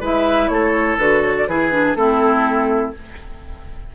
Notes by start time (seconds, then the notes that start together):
0.00 G#3 E4 B4 E5
0.48 A3 A4 C#5
0.97 D3 F#4 B4
1.23 C#5
1.37 D5
1.47 E3 E4 G#4 B4
1.71 D4
1.95 A3 C4 E4 A4